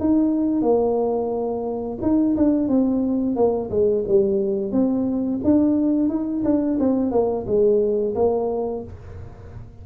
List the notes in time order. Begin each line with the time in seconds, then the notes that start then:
0.00 D#4
0.62 A#3
2.02 D#4
2.37 D4
2.68 C4
3.36 A#3
3.70 G#3
4.08 G3
4.72 C4
5.44 D4
6.09 D#4
6.45 D4
6.80 C4
7.12 A#3
7.47 G#3
8.15 A#3